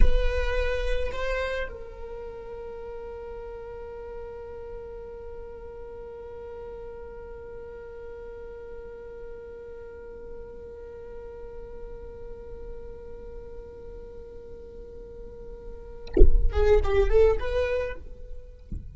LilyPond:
\new Staff \with { instrumentName = "viola" } { \time 4/4 \tempo 4 = 107 b'2 c''4 ais'4~ | ais'1~ | ais'1~ | ais'1~ |
ais'1~ | ais'1~ | ais'1~ | ais'4. gis'8 g'8 a'8 b'4 | }